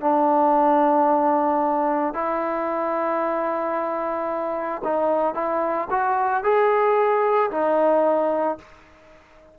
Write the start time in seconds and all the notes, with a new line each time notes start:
0.00 D4
2.14 E4
4.84 D#4
5.34 E4
5.90 F#4
6.43 G#4
7.50 D#4